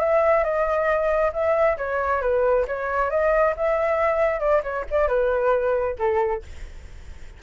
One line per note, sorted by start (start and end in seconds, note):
0.00 0.44 E5
0.44 1.32 D#5
1.33 1.77 E5
1.77 2.21 C#5
2.21 2.66 B4
2.67 3.10 C#5
3.10 3.54 D#5
3.56 4.40 E5
4.40 4.62 D5
4.63 4.85 C#5
4.90 5.08 D5
5.08 5.96 B4
5.98 6.43 A4